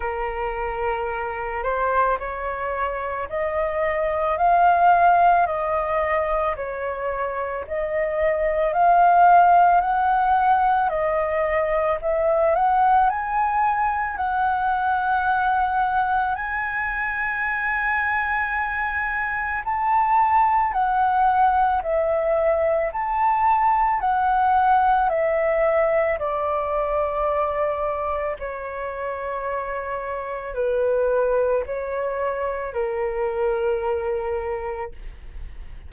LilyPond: \new Staff \with { instrumentName = "flute" } { \time 4/4 \tempo 4 = 55 ais'4. c''8 cis''4 dis''4 | f''4 dis''4 cis''4 dis''4 | f''4 fis''4 dis''4 e''8 fis''8 | gis''4 fis''2 gis''4~ |
gis''2 a''4 fis''4 | e''4 a''4 fis''4 e''4 | d''2 cis''2 | b'4 cis''4 ais'2 | }